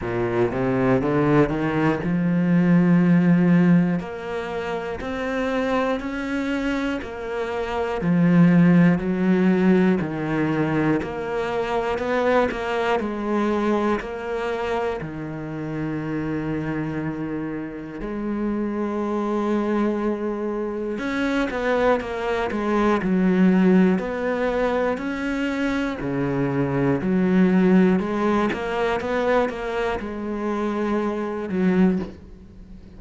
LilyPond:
\new Staff \with { instrumentName = "cello" } { \time 4/4 \tempo 4 = 60 ais,8 c8 d8 dis8 f2 | ais4 c'4 cis'4 ais4 | f4 fis4 dis4 ais4 | b8 ais8 gis4 ais4 dis4~ |
dis2 gis2~ | gis4 cis'8 b8 ais8 gis8 fis4 | b4 cis'4 cis4 fis4 | gis8 ais8 b8 ais8 gis4. fis8 | }